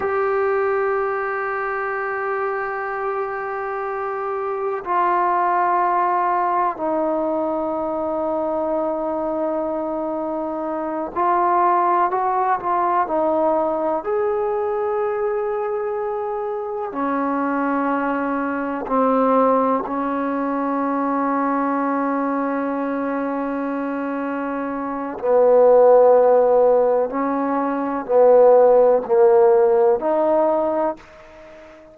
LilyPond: \new Staff \with { instrumentName = "trombone" } { \time 4/4 \tempo 4 = 62 g'1~ | g'4 f'2 dis'4~ | dis'2.~ dis'8 f'8~ | f'8 fis'8 f'8 dis'4 gis'4.~ |
gis'4. cis'2 c'8~ | c'8 cis'2.~ cis'8~ | cis'2 b2 | cis'4 b4 ais4 dis'4 | }